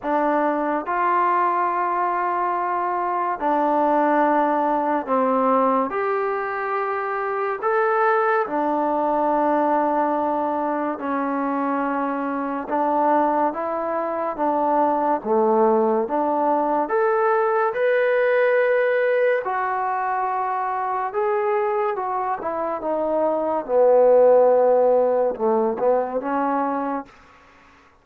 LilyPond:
\new Staff \with { instrumentName = "trombone" } { \time 4/4 \tempo 4 = 71 d'4 f'2. | d'2 c'4 g'4~ | g'4 a'4 d'2~ | d'4 cis'2 d'4 |
e'4 d'4 a4 d'4 | a'4 b'2 fis'4~ | fis'4 gis'4 fis'8 e'8 dis'4 | b2 a8 b8 cis'4 | }